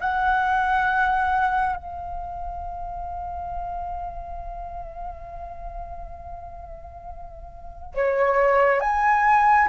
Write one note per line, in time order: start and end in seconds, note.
0.00 1.76 F#5
1.76 7.93 F5
7.94 8.80 C#5
8.80 9.68 G#5